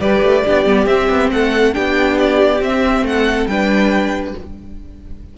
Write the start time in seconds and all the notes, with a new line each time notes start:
0.00 G3 G4 B4 D5
0.22 A3
0.44 B3 D4 G4
0.66 G3 B3
0.86 C4 E5
1.10 B3
1.31 A3 A4 F#5
1.73 B3 D4 G4 G5
2.17 D5
2.61 C4 E5
3.02 A3 F#5
3.09 A4
3.47 G3 D4 B4 G5